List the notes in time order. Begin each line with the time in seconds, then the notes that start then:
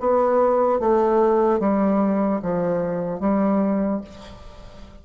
0.00 B3
0.79 A3
1.60 G3
2.42 F3
3.20 G3